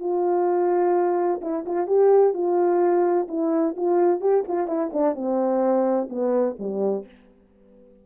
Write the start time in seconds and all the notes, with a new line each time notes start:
0.00 F4
1.41 E4
1.66 F4
1.87 G4
2.34 F4
3.28 E4
3.76 F4
4.21 G4
4.48 F4
4.67 E4
4.93 D4
5.15 C4
6.10 B3
6.59 G3